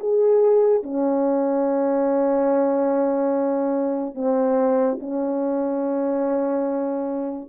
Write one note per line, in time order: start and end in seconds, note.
0.00 0.83 G#4
0.84 4.15 C#4
4.15 4.98 C4
5.00 7.50 C#4